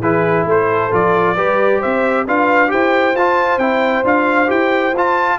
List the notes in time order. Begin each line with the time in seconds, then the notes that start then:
0.00 E3 E4 G#4 B4
0.45 A3 A4 C5
0.91 F3 F4 D5
1.36 G3 G4 B4
1.80 C4 C5 E5
2.26 D4 F4 B4 F5
2.68 E4 G4 C5 G5
3.14 F4 A5
3.58 C4 E4 G5
4.04 D4 F4 F5
4.47 E4 G4 G5
4.93 F4 A5